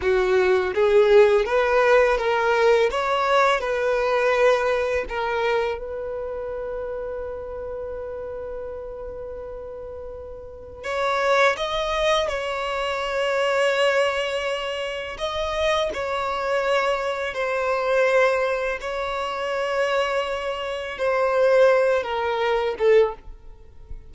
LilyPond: \new Staff \with { instrumentName = "violin" } { \time 4/4 \tempo 4 = 83 fis'4 gis'4 b'4 ais'4 | cis''4 b'2 ais'4 | b'1~ | b'2. cis''4 |
dis''4 cis''2.~ | cis''4 dis''4 cis''2 | c''2 cis''2~ | cis''4 c''4. ais'4 a'8 | }